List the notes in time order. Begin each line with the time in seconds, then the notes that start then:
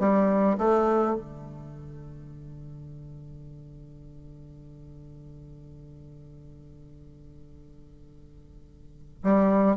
0.00 G3
0.58 A3
1.16 D3
9.24 G3